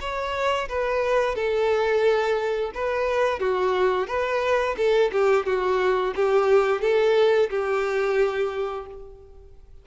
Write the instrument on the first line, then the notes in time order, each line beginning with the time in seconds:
violin
0.00 C#5
0.68 B4
1.35 A4
2.74 B4
3.39 F#4
4.07 B4
4.77 A4
5.12 G4
5.46 F#4
6.15 G4
6.81 A4
7.50 G4